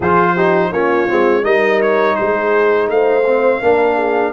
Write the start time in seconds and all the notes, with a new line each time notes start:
0.00 F3 F4 G#4 C5
0.35 D#4 G4
0.71 A#3 C#4 F4 C#5
1.08 G#3 C4
1.43 G3 D#4 A#4 D#5
1.81 C#5
2.15 G#3 G#4 C5
2.88 A3 C5 F5
3.26 C4
3.62 A#3 D4 A#4
3.95 G#4